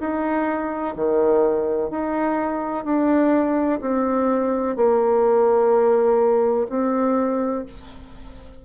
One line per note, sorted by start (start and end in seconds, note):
0.00 0.95 D#4
0.96 1.90 D#3
1.90 2.85 D#4
2.85 3.80 D4
3.81 4.76 C4
4.77 6.67 A#3
6.70 7.65 C4